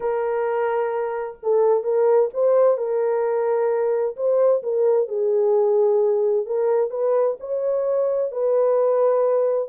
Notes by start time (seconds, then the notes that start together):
0.00 A#4
1.42 A4
1.83 A#4
2.33 C5
2.77 A#4
4.16 C5
4.63 A#4
5.07 G#4
6.46 A#4
6.90 B4
7.40 C#5
8.31 B4